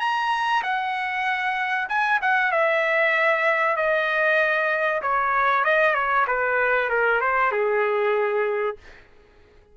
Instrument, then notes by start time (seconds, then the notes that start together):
trumpet
0.00 A#5
0.63 F#5
1.89 G#5
2.22 F#5
2.52 E5
3.77 D#5
5.02 C#5
5.64 D#5
5.95 C#5
6.28 B4
6.90 A#4
7.21 C5
7.52 G#4